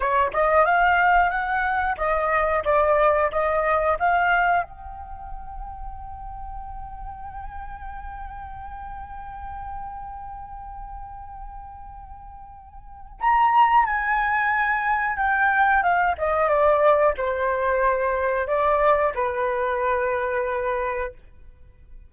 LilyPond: \new Staff \with { instrumentName = "flute" } { \time 4/4 \tempo 4 = 91 cis''8 dis''8 f''4 fis''4 dis''4 | d''4 dis''4 f''4 g''4~ | g''1~ | g''1~ |
g''1 | ais''4 gis''2 g''4 | f''8 dis''8 d''4 c''2 | d''4 b'2. | }